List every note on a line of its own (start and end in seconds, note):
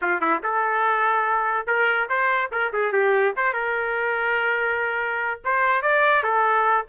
0.01 0.20 F4
0.20 0.41 E4
0.43 1.66 A4
1.66 2.08 A#4
2.09 2.51 C5
2.51 2.72 A#4
2.73 2.92 G#4
2.92 3.34 G4
3.36 3.53 C5
3.53 5.40 A#4
5.44 5.81 C5
5.81 6.23 D5
6.23 6.85 A4